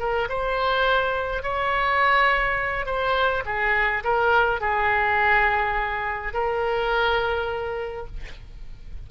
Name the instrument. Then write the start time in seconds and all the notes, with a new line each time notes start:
oboe
0.00 A#4
0.29 C5
1.43 C#5
2.86 C5
3.46 G#4
4.04 A#4
4.61 G#4
6.34 A#4